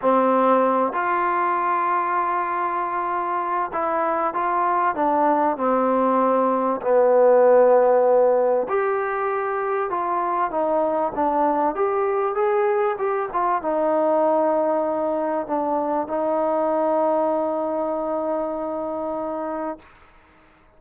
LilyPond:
\new Staff \with { instrumentName = "trombone" } { \time 4/4 \tempo 4 = 97 c'4. f'2~ f'8~ | f'2 e'4 f'4 | d'4 c'2 b4~ | b2 g'2 |
f'4 dis'4 d'4 g'4 | gis'4 g'8 f'8 dis'2~ | dis'4 d'4 dis'2~ | dis'1 | }